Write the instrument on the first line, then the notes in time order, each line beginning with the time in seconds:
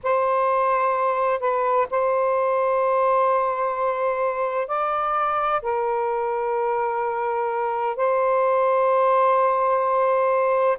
saxophone
0.03 C5
1.40 B4
1.90 C5
4.67 D5
5.62 A#4
7.96 C5